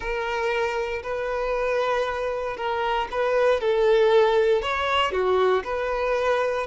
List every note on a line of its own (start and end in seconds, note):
0.00 1.02 A#4
1.03 2.56 B4
2.56 3.08 A#4
3.11 3.60 B4
3.60 4.62 A4
4.62 5.11 C#5
5.11 5.63 F#4
5.64 6.66 B4